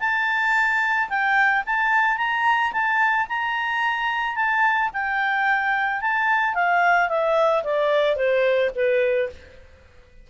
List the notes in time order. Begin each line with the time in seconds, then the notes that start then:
0.00 A5
1.09 G5
1.66 A5
2.18 A#5
2.72 A5
3.29 A#5
4.36 A5
4.93 G5
6.01 A5
6.54 F5
7.09 E5
7.64 D5
8.16 C5
8.75 B4